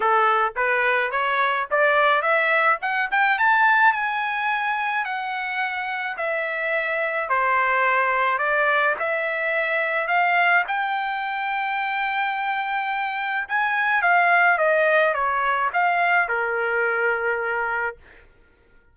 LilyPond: \new Staff \with { instrumentName = "trumpet" } { \time 4/4 \tempo 4 = 107 a'4 b'4 cis''4 d''4 | e''4 fis''8 g''8 a''4 gis''4~ | gis''4 fis''2 e''4~ | e''4 c''2 d''4 |
e''2 f''4 g''4~ | g''1 | gis''4 f''4 dis''4 cis''4 | f''4 ais'2. | }